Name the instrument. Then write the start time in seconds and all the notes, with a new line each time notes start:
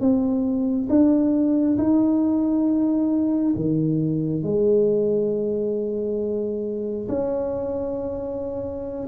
tuba
0.00 C4
0.89 D4
1.78 D#4
3.55 D#3
4.43 G#3
7.08 C#4